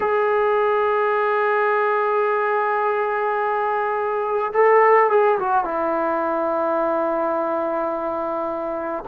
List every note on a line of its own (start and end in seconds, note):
0.00 4.52 G#4
4.53 5.09 A4
5.09 5.38 G#4
5.39 5.64 F#4
5.64 9.04 E4